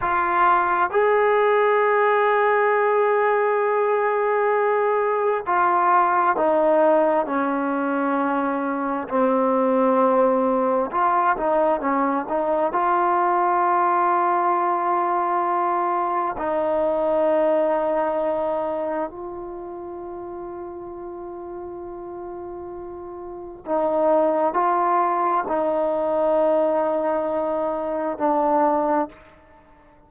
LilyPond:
\new Staff \with { instrumentName = "trombone" } { \time 4/4 \tempo 4 = 66 f'4 gis'2.~ | gis'2 f'4 dis'4 | cis'2 c'2 | f'8 dis'8 cis'8 dis'8 f'2~ |
f'2 dis'2~ | dis'4 f'2.~ | f'2 dis'4 f'4 | dis'2. d'4 | }